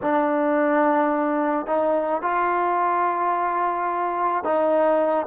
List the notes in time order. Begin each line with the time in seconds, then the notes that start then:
0.02 D4
1.66 D#4
2.22 F4
4.43 D#4